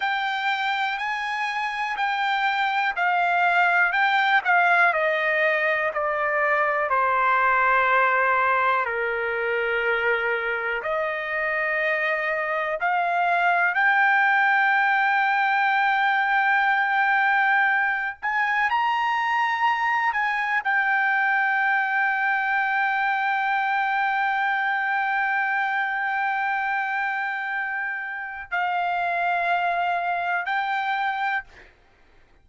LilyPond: \new Staff \with { instrumentName = "trumpet" } { \time 4/4 \tempo 4 = 61 g''4 gis''4 g''4 f''4 | g''8 f''8 dis''4 d''4 c''4~ | c''4 ais'2 dis''4~ | dis''4 f''4 g''2~ |
g''2~ g''8 gis''8 ais''4~ | ais''8 gis''8 g''2.~ | g''1~ | g''4 f''2 g''4 | }